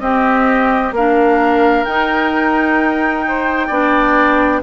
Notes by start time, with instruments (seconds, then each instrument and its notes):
0.00 bassoon C4, clarinet C4, oboe G4, flute D#5
0.92 bassoon A#3, clarinet D4, oboe A#4, flute F5
1.85 bassoon D#4, clarinet D#4, flute G5
3.28 oboe C5
3.67 bassoon B3, clarinet D4, oboe D5